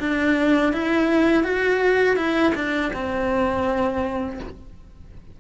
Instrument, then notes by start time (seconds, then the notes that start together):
cello
0.00 D4
0.74 E4
1.44 F#4
2.17 E4
2.55 D4
2.94 C4